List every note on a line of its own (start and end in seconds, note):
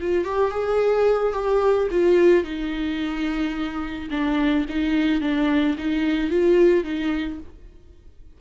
0.00 0.24 F4
0.24 0.51 G4
0.51 1.33 G#4
1.33 1.88 G4
1.91 2.44 F4
2.44 4.09 D#4
4.10 4.65 D4
4.69 5.21 D#4
5.21 5.76 D4
5.77 6.30 D#4
6.30 6.84 F4
6.84 7.39 D#4